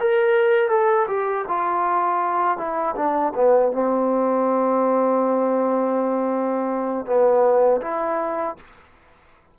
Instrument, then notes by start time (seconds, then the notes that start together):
trombone
0.00 A#4
0.69 A4
1.08 G4
1.48 F4
2.58 E4
2.96 D4
3.35 B3
3.72 C4
7.06 B3
7.82 E4